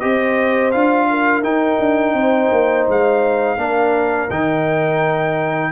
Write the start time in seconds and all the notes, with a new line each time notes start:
0.00 C4 G4 C5 D#5
0.72 D4 F4 F5
1.11 A#4
1.43 D#4 G5
1.79 D4
2.14 C4 C5
2.51 A#3
2.88 G#3 F5
3.57 A#3 D4 A#4
4.30 D#3 D#4 G5